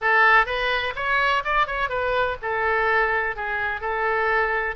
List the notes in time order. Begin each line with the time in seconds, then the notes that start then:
0.01 A4
0.45 B4
0.95 C#5
1.44 D5
1.67 C#5
1.89 B4
2.42 A4
3.36 G#4
3.80 A4